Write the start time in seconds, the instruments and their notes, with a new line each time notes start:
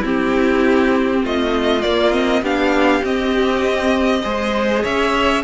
0.00 viola C4, cello C4, violin E4 G4
1.23 cello A3, violin F4 D#5
1.82 viola A#3, cello A#3, violin D5
2.12 viola C4, violin D#5
2.42 cello B3, viola D4, violin G4 F5
3.02 viola C4, cello C4, violin D#5
4.23 cello G#3, viola G#4, violin C5
4.83 cello C#4, violin C#5 E5